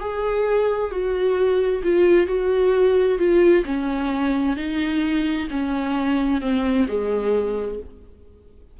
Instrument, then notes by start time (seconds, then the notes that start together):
viola
0.00 G#4
0.91 F#4
1.83 F4
2.27 F#4
3.18 F4
3.65 C#4
4.57 D#4
5.51 C#4
6.41 C4
6.88 G#3